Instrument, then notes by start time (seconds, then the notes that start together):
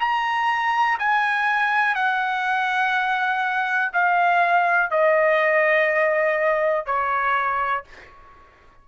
trumpet
0.00 A#5
0.99 G#5
1.95 F#5
3.93 F5
4.91 D#5
6.86 C#5